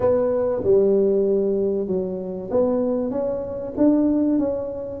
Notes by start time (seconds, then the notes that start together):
0.00 B3
0.63 G3
1.87 F#3
2.51 B3
3.11 C#4
3.77 D4
4.38 C#4